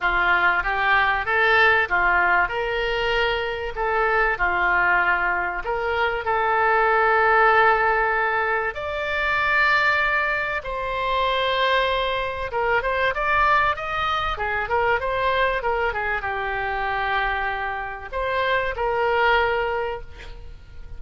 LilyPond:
\new Staff \with { instrumentName = "oboe" } { \time 4/4 \tempo 4 = 96 f'4 g'4 a'4 f'4 | ais'2 a'4 f'4~ | f'4 ais'4 a'2~ | a'2 d''2~ |
d''4 c''2. | ais'8 c''8 d''4 dis''4 gis'8 ais'8 | c''4 ais'8 gis'8 g'2~ | g'4 c''4 ais'2 | }